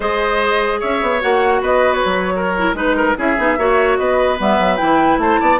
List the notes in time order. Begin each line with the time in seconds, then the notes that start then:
0.00 G#3 G#4 C5 D#5
0.80 C#4 C#5 E5
1.01 B3
1.20 A#3 F#4 F#5
1.61 B3 B4 D#5
1.93 C#5
2.05 F#3
2.36 A#4
2.57 E4
2.73 G#3 D#4 B4
2.96 A#4
3.16 C#4 E4 G#4 E5
3.37 B3 D#4
3.57 A#3 F#4 C#5
3.97 B3 B4 D#5
4.38 G3 B3 E5
4.59 F#3
4.76 E3 E4 G5
5.17 A3 C5 A5
5.40 B3 D5